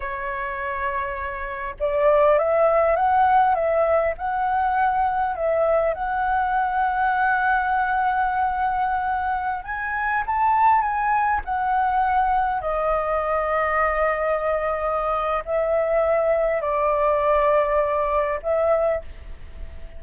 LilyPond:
\new Staff \with { instrumentName = "flute" } { \time 4/4 \tempo 4 = 101 cis''2. d''4 | e''4 fis''4 e''4 fis''4~ | fis''4 e''4 fis''2~ | fis''1~ |
fis''16 gis''4 a''4 gis''4 fis''8.~ | fis''4~ fis''16 dis''2~ dis''8.~ | dis''2 e''2 | d''2. e''4 | }